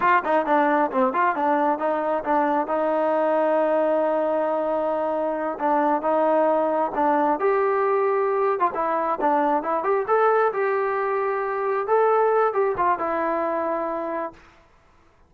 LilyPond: \new Staff \with { instrumentName = "trombone" } { \time 4/4 \tempo 4 = 134 f'8 dis'8 d'4 c'8 f'8 d'4 | dis'4 d'4 dis'2~ | dis'1~ | dis'8 d'4 dis'2 d'8~ |
d'8 g'2~ g'8. f'16 e'8~ | e'8 d'4 e'8 g'8 a'4 g'8~ | g'2~ g'8 a'4. | g'8 f'8 e'2. | }